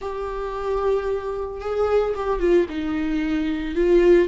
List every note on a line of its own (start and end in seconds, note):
0.01 1.60 G4
1.60 2.14 G#4
2.15 2.39 G4
2.39 2.66 F4
2.69 3.75 D#4
3.75 4.27 F4